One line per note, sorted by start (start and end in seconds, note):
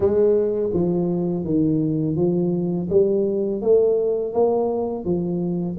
0.00 0.70 G#3
0.73 1.44 F3
1.44 2.16 D#3
2.16 2.88 F3
2.89 3.61 G3
3.61 4.33 A3
4.33 5.04 A#3
5.04 5.77 F3